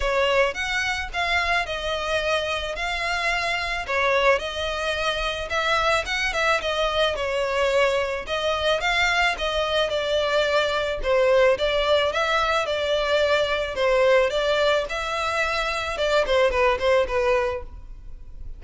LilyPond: \new Staff \with { instrumentName = "violin" } { \time 4/4 \tempo 4 = 109 cis''4 fis''4 f''4 dis''4~ | dis''4 f''2 cis''4 | dis''2 e''4 fis''8 e''8 | dis''4 cis''2 dis''4 |
f''4 dis''4 d''2 | c''4 d''4 e''4 d''4~ | d''4 c''4 d''4 e''4~ | e''4 d''8 c''8 b'8 c''8 b'4 | }